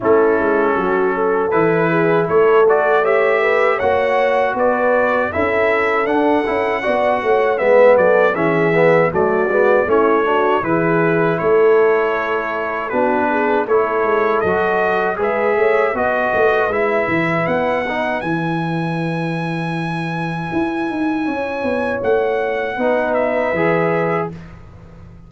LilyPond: <<
  \new Staff \with { instrumentName = "trumpet" } { \time 4/4 \tempo 4 = 79 a'2 b'4 cis''8 d''8 | e''4 fis''4 d''4 e''4 | fis''2 e''8 d''8 e''4 | d''4 cis''4 b'4 cis''4~ |
cis''4 b'4 cis''4 dis''4 | e''4 dis''4 e''4 fis''4 | gis''1~ | gis''4 fis''4. e''4. | }
  \new Staff \with { instrumentName = "horn" } { \time 4/4 e'4 fis'8 a'4 gis'8 a'4 | cis''8 b'8 cis''4 b'4 a'4~ | a'4 d''8 cis''8 b'8 a'8 gis'4 | fis'4 e'8 fis'8 gis'4 a'4~ |
a'4 fis'8 gis'8 a'2 | b'8 cis''8 b'2.~ | b'1 | cis''2 b'2 | }
  \new Staff \with { instrumentName = "trombone" } { \time 4/4 cis'2 e'4. fis'8 | g'4 fis'2 e'4 | d'8 e'8 fis'4 b4 cis'8 b8 | a8 b8 cis'8 d'8 e'2~ |
e'4 d'4 e'4 fis'4 | gis'4 fis'4 e'4. dis'8 | e'1~ | e'2 dis'4 gis'4 | }
  \new Staff \with { instrumentName = "tuba" } { \time 4/4 a8 gis8 fis4 e4 a4~ | a4 ais4 b4 cis'4 | d'8 cis'8 b8 a8 gis8 fis8 e4 | fis8 gis8 a4 e4 a4~ |
a4 b4 a8 gis8 fis4 | gis8 a8 b8 a8 gis8 e8 b4 | e2. e'8 dis'8 | cis'8 b8 a4 b4 e4 | }
>>